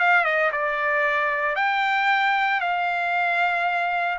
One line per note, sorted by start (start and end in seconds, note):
0.00 0.25 F5
0.25 0.51 D#5
0.52 1.56 D5
1.56 2.61 G5
2.61 4.19 F5